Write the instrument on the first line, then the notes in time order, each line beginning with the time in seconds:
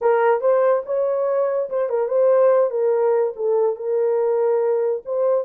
horn
0.01 A#4
0.41 C5
0.85 C#5
1.69 C5
1.89 A#4
2.08 C5
2.70 A#4
3.36 A4
3.76 A#4
5.05 C5